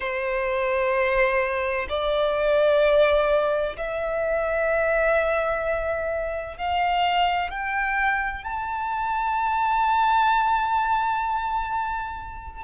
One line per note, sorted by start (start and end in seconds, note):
0.00 1.87 C5
1.89 3.76 D5
3.76 6.57 E5
6.57 7.50 F5
7.50 8.44 G5
8.44 12.63 A5